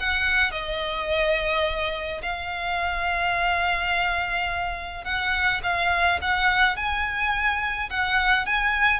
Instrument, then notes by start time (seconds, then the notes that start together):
violin
0.00 F#5
0.51 D#5
2.23 F5
5.05 F#5
5.63 F5
6.22 F#5
6.77 G#5
7.90 F#5
8.46 G#5